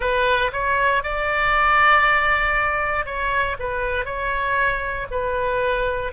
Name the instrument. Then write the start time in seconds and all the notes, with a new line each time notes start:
oboe
0.00 B4
0.52 C#5
1.03 D5
3.05 C#5
3.59 B4
4.04 C#5
5.10 B4